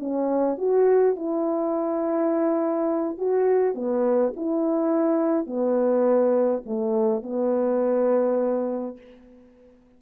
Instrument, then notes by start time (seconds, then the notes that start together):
horn
0.00 C#4
0.58 F#4
1.16 E4
3.19 F#4
3.75 B3
4.37 E4
5.47 B3
6.66 A3
7.23 B3